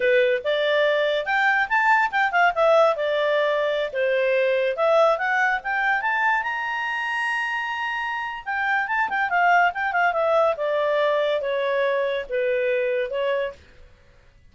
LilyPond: \new Staff \with { instrumentName = "clarinet" } { \time 4/4 \tempo 4 = 142 b'4 d''2 g''4 | a''4 g''8 f''8 e''4 d''4~ | d''4~ d''16 c''2 e''8.~ | e''16 fis''4 g''4 a''4 ais''8.~ |
ais''1 | g''4 a''8 g''8 f''4 g''8 f''8 | e''4 d''2 cis''4~ | cis''4 b'2 cis''4 | }